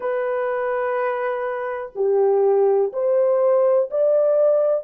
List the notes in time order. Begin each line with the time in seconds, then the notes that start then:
0.00 B4
1.95 G4
2.93 C5
3.90 D5